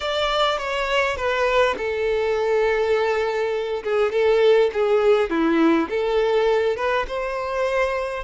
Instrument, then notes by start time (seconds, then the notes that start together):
violin
0.00 D5
0.58 C#5
1.16 B4
1.77 A4
3.83 G#4
4.12 A4
4.73 G#4
5.29 E4
5.89 A4
6.76 B4
7.07 C5